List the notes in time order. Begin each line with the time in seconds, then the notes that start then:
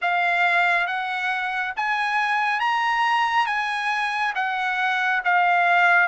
0.01 F5
0.86 F#5
1.76 G#5
2.60 A#5
3.46 G#5
4.35 F#5
5.24 F5